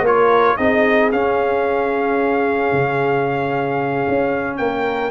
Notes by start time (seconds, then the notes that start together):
0.00 A#3 F4 C#5
0.07 A#4
0.57 C4 D#4 G#4 D#5
1.11 C#4 F5
2.72 C#3
4.08 C#4
4.57 A#3 A#4 G5